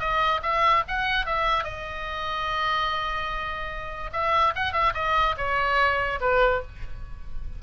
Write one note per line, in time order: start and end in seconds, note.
0.00 0.41 D#5
0.43 0.84 E5
0.88 1.26 F#5
1.26 1.64 E5
1.64 4.11 D#5
4.13 4.54 E5
4.56 4.73 F#5
4.73 4.93 E5
4.94 5.35 D#5
5.38 6.20 C#5
6.21 6.62 B4